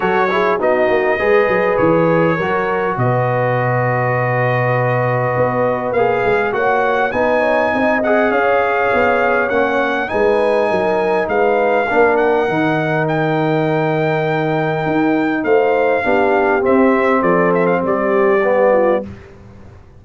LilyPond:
<<
  \new Staff \with { instrumentName = "trumpet" } { \time 4/4 \tempo 4 = 101 cis''4 dis''2 cis''4~ | cis''4 dis''2.~ | dis''2 f''4 fis''4 | gis''4. fis''8 f''2 |
fis''4 gis''2 f''4~ | f''8 fis''4. g''2~ | g''2 f''2 | e''4 d''8 e''16 f''16 d''2 | }
  \new Staff \with { instrumentName = "horn" } { \time 4/4 a'8 gis'8 fis'4 b'2 | ais'4 b'2.~ | b'2. cis''4 | b'8 cis''8 dis''4 cis''2~ |
cis''4 b'4 ais'4 b'4 | ais'1~ | ais'2 c''4 g'4~ | g'4 a'4 g'4. f'8 | }
  \new Staff \with { instrumentName = "trombone" } { \time 4/4 fis'8 e'8 dis'4 gis'2 | fis'1~ | fis'2 gis'4 fis'4 | dis'4. gis'2~ gis'8 |
cis'4 dis'2. | d'4 dis'2.~ | dis'2. d'4 | c'2. b4 | }
  \new Staff \with { instrumentName = "tuba" } { \time 4/4 fis4 b8 ais8 gis8 fis8 e4 | fis4 b,2.~ | b,4 b4 ais8 gis8 ais4 | b4 c'4 cis'4 b4 |
ais4 gis4 fis4 gis4 | ais4 dis2.~ | dis4 dis'4 a4 b4 | c'4 f4 g2 | }
>>